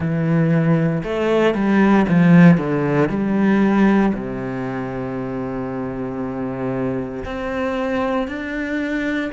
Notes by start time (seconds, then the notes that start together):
0.00 E3
1.03 A3
1.54 G3
2.08 F3
2.57 D3
3.09 G3
4.13 C3
7.25 C4
8.27 D4